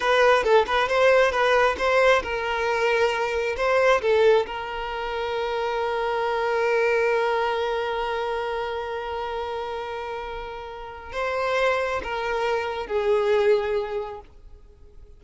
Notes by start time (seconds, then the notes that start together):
0.00 B4
0.43 A4
0.66 B4
0.88 C5
1.31 B4
1.78 C5
2.22 A#4
3.56 C5
4.01 A4
4.46 A#4
11.12 C5
12.03 A#4
12.86 G#4